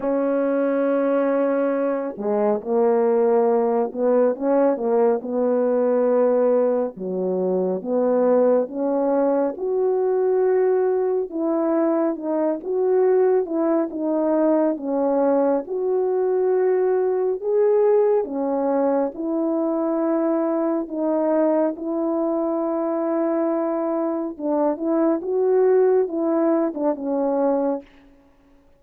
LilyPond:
\new Staff \with { instrumentName = "horn" } { \time 4/4 \tempo 4 = 69 cis'2~ cis'8 gis8 ais4~ | ais8 b8 cis'8 ais8 b2 | fis4 b4 cis'4 fis'4~ | fis'4 e'4 dis'8 fis'4 e'8 |
dis'4 cis'4 fis'2 | gis'4 cis'4 e'2 | dis'4 e'2. | d'8 e'8 fis'4 e'8. d'16 cis'4 | }